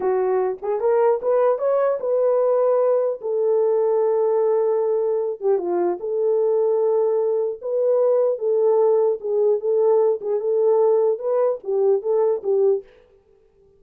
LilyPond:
\new Staff \with { instrumentName = "horn" } { \time 4/4 \tempo 4 = 150 fis'4. gis'8 ais'4 b'4 | cis''4 b'2. | a'1~ | a'4. g'8 f'4 a'4~ |
a'2. b'4~ | b'4 a'2 gis'4 | a'4. gis'8 a'2 | b'4 g'4 a'4 g'4 | }